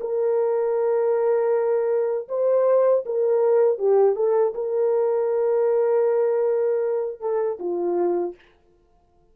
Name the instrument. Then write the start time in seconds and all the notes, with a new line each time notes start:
horn
0.00 A#4
2.28 C5
3.05 A#4
3.78 G4
4.15 A4
4.54 A#4
7.20 A4
7.59 F4